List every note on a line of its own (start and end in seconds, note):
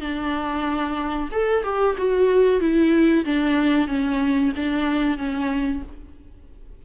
0.00 1.29 D4
1.31 1.63 A4
1.63 1.96 G4
1.97 2.60 F#4
2.60 3.25 E4
3.25 3.87 D4
3.87 4.52 C#4
4.56 5.18 D4
5.18 5.82 C#4